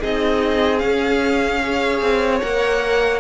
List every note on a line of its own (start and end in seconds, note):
0.00 0.83 C4
0.00 0.78 D#4
0.00 1.60 G#4
0.00 0.78 D#5
0.78 1.58 C#4
0.78 2.01 C#4
0.78 2.38 F5
1.62 2.41 G#4
1.62 3.20 C#5
2.01 2.41 C4
2.41 3.20 A#3
2.41 3.20 A#4
2.41 3.20 F#5